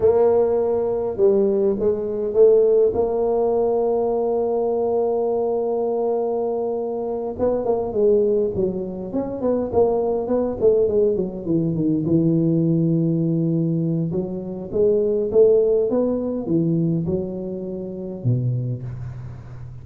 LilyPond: \new Staff \with { instrumentName = "tuba" } { \time 4/4 \tempo 4 = 102 ais2 g4 gis4 | a4 ais2.~ | ais1~ | ais8 b8 ais8 gis4 fis4 cis'8 |
b8 ais4 b8 a8 gis8 fis8 e8 | dis8 e2.~ e8 | fis4 gis4 a4 b4 | e4 fis2 b,4 | }